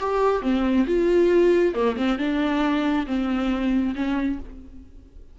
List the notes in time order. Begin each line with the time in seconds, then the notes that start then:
0.00 G4
0.42 C4
0.87 F4
1.74 A#3
1.96 C4
2.19 D4
3.07 C4
3.95 C#4